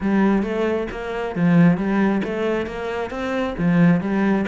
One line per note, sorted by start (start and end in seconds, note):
0.00 0.42 G3
0.42 0.87 A3
0.91 1.35 A#3
1.35 1.77 F3
1.77 2.21 G3
2.24 2.66 A3
2.66 3.10 A#3
3.10 3.54 C4
3.58 4.00 F3
4.00 4.45 G3